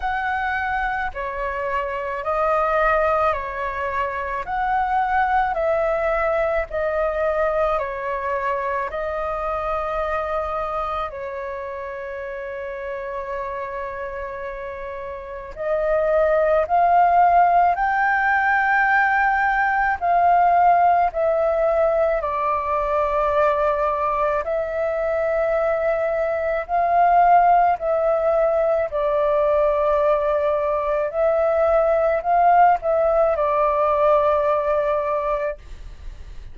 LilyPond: \new Staff \with { instrumentName = "flute" } { \time 4/4 \tempo 4 = 54 fis''4 cis''4 dis''4 cis''4 | fis''4 e''4 dis''4 cis''4 | dis''2 cis''2~ | cis''2 dis''4 f''4 |
g''2 f''4 e''4 | d''2 e''2 | f''4 e''4 d''2 | e''4 f''8 e''8 d''2 | }